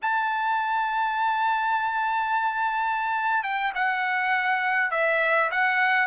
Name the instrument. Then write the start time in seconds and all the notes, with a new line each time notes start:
trumpet
0.01 A5
3.43 G5
3.74 F#5
4.90 E5
5.51 F#5